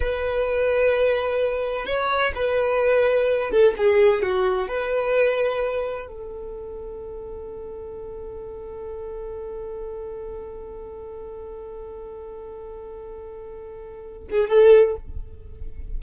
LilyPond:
\new Staff \with { instrumentName = "violin" } { \time 4/4 \tempo 4 = 128 b'1 | cis''4 b'2~ b'8 a'8 | gis'4 fis'4 b'2~ | b'4 a'2.~ |
a'1~ | a'1~ | a'1~ | a'2~ a'8 gis'8 a'4 | }